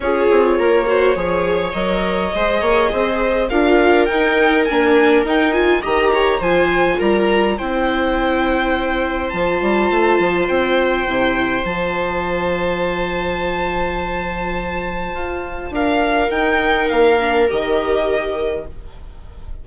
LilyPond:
<<
  \new Staff \with { instrumentName = "violin" } { \time 4/4 \tempo 4 = 103 cis''2. dis''4~ | dis''2 f''4 g''4 | gis''4 g''8 gis''8 ais''4 gis''4 | ais''4 g''2. |
a''2 g''2 | a''1~ | a''2. f''4 | g''4 f''4 dis''2 | }
  \new Staff \with { instrumentName = "viola" } { \time 4/4 gis'4 ais'8 c''8 cis''2 | c''8 cis''8 c''4 ais'2~ | ais'2 dis''8 cis''8 c''4 | ais'4 c''2.~ |
c''1~ | c''1~ | c''2. ais'4~ | ais'1 | }
  \new Staff \with { instrumentName = "viola" } { \time 4/4 f'4. fis'8 gis'4 ais'4 | gis'2 f'4 dis'4 | d'4 dis'8 f'8 g'4 f'4~ | f'4 e'2. |
f'2. e'4 | f'1~ | f'1 | dis'4. d'8 g'2 | }
  \new Staff \with { instrumentName = "bassoon" } { \time 4/4 cis'8 c'8 ais4 f4 fis4 | gis8 ais8 c'4 d'4 dis'4 | ais4 dis'4 dis4 f4 | g4 c'2. |
f8 g8 a8 f8 c'4 c4 | f1~ | f2 f'4 d'4 | dis'4 ais4 dis2 | }
>>